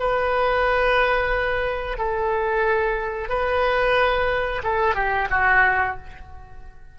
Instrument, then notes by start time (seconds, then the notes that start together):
oboe
0.00 B4
1.98 A4
3.29 B4
4.64 A4
4.95 G4
5.31 F#4